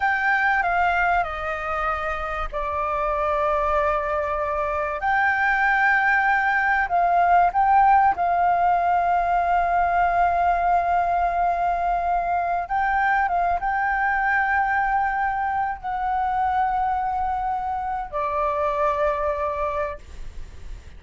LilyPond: \new Staff \with { instrumentName = "flute" } { \time 4/4 \tempo 4 = 96 g''4 f''4 dis''2 | d''1 | g''2. f''4 | g''4 f''2.~ |
f''1~ | f''16 g''4 f''8 g''2~ g''16~ | g''4~ g''16 fis''2~ fis''8.~ | fis''4 d''2. | }